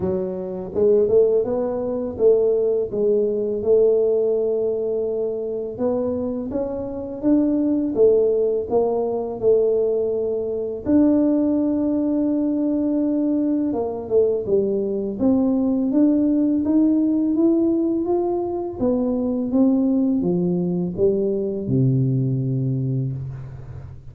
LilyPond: \new Staff \with { instrumentName = "tuba" } { \time 4/4 \tempo 4 = 83 fis4 gis8 a8 b4 a4 | gis4 a2. | b4 cis'4 d'4 a4 | ais4 a2 d'4~ |
d'2. ais8 a8 | g4 c'4 d'4 dis'4 | e'4 f'4 b4 c'4 | f4 g4 c2 | }